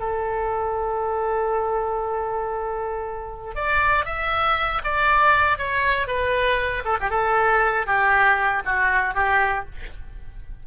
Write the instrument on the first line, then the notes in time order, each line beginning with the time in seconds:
oboe
0.00 A4
3.56 D5
4.05 E5
4.84 D5
5.58 C#5
6.07 B4
6.85 A4
7.01 G4
7.10 A4
7.87 G4
8.65 F#4
9.15 G4